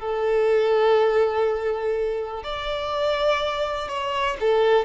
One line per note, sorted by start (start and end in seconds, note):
0.00 2.44 A4
2.44 3.89 D5
3.89 4.37 C#5
4.41 4.86 A4